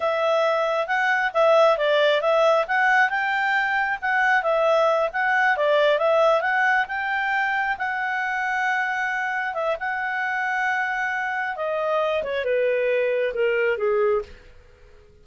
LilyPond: \new Staff \with { instrumentName = "clarinet" } { \time 4/4 \tempo 4 = 135 e''2 fis''4 e''4 | d''4 e''4 fis''4 g''4~ | g''4 fis''4 e''4. fis''8~ | fis''8 d''4 e''4 fis''4 g''8~ |
g''4. fis''2~ fis''8~ | fis''4. e''8 fis''2~ | fis''2 dis''4. cis''8 | b'2 ais'4 gis'4 | }